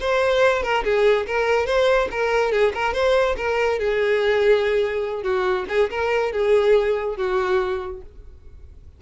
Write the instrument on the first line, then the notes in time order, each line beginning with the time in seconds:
violin
0.00 C5
0.62 A#4
0.84 G#4
1.26 A#4
1.66 C5
2.11 A#4
2.51 G#4
2.74 A#4
2.93 C5
3.36 A#4
3.79 G#4
5.23 F#4
5.68 G#4
5.90 A#4
6.32 G#4
7.16 F#4